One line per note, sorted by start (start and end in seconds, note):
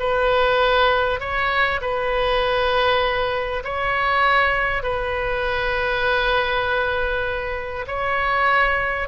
0.00 1.20 B4
1.20 1.81 C#5
1.82 3.63 B4
3.64 4.83 C#5
4.83 7.86 B4
7.87 9.09 C#5